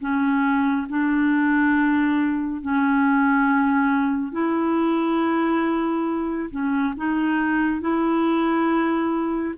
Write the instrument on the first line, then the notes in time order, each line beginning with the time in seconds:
clarinet
0.00 C#4
0.89 D4
2.61 C#4
4.32 E4
6.50 C#4
6.96 D#4
7.80 E4